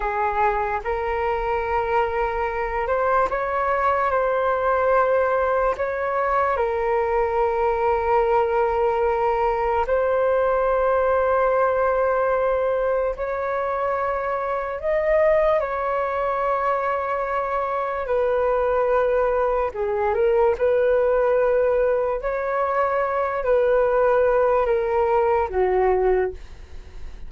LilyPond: \new Staff \with { instrumentName = "flute" } { \time 4/4 \tempo 4 = 73 gis'4 ais'2~ ais'8 c''8 | cis''4 c''2 cis''4 | ais'1 | c''1 |
cis''2 dis''4 cis''4~ | cis''2 b'2 | gis'8 ais'8 b'2 cis''4~ | cis''8 b'4. ais'4 fis'4 | }